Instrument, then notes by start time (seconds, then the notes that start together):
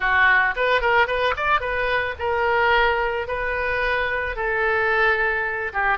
oboe
0.00 F#4
0.56 B4
0.81 A#4
1.07 B4
1.36 D5
1.60 B4
2.18 A#4
3.27 B4
4.36 A4
5.73 G4